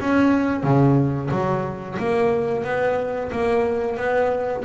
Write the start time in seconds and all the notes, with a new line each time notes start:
0.00 C#4
0.63 C#3
1.31 F#3
1.99 A#3
2.64 B3
3.32 A#3
3.97 B3